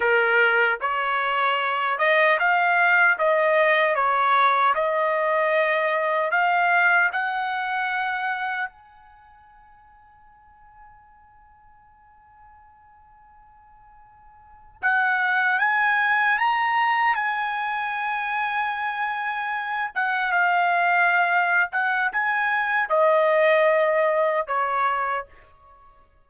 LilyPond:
\new Staff \with { instrumentName = "trumpet" } { \time 4/4 \tempo 4 = 76 ais'4 cis''4. dis''8 f''4 | dis''4 cis''4 dis''2 | f''4 fis''2 gis''4~ | gis''1~ |
gis''2~ gis''8. fis''4 gis''16~ | gis''8. ais''4 gis''2~ gis''16~ | gis''4~ gis''16 fis''8 f''4.~ f''16 fis''8 | gis''4 dis''2 cis''4 | }